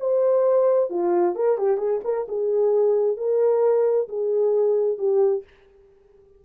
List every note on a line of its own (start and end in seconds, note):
0.00 0.90 C5
0.90 1.36 F4
1.36 1.58 A#4
1.58 1.78 G4
1.78 2.00 G#4
2.04 2.27 A#4
2.29 3.17 G#4
3.17 4.08 A#4
4.09 4.99 G#4
4.99 5.44 G4